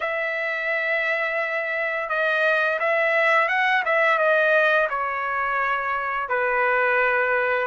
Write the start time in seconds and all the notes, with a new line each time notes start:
0.00 E5
2.09 D#5
2.79 E5
3.48 F#5
3.85 E5
4.18 D#5
4.89 C#5
6.28 B4